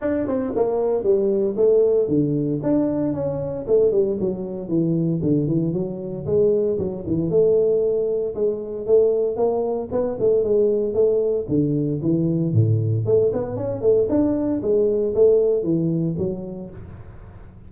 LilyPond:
\new Staff \with { instrumentName = "tuba" } { \time 4/4 \tempo 4 = 115 d'8 c'8 ais4 g4 a4 | d4 d'4 cis'4 a8 g8 | fis4 e4 d8 e8 fis4 | gis4 fis8 e8 a2 |
gis4 a4 ais4 b8 a8 | gis4 a4 d4 e4 | a,4 a8 b8 cis'8 a8 d'4 | gis4 a4 e4 fis4 | }